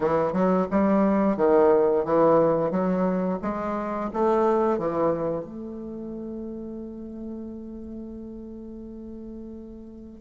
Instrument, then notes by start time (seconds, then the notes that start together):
bassoon
0.00 E3
0.32 F#3
0.71 G3
1.36 D#3
2.05 E3
2.70 F#3
3.42 G#3
4.12 A3
4.78 E3
5.44 A3